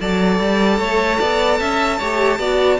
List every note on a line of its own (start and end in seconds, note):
0.00 0.39 F#3
0.00 2.00 A4
0.00 0.79 D5
0.00 2.79 A5
0.39 0.79 G3
0.79 1.19 A3
0.79 1.19 C#5
1.19 1.60 B3
1.19 1.59 D5
1.60 2.00 C#4
1.60 1.98 E5
1.98 2.39 A3
1.98 2.39 G4
1.98 2.38 C#5
2.39 2.79 B3
2.39 2.79 F#4
2.39 2.79 D5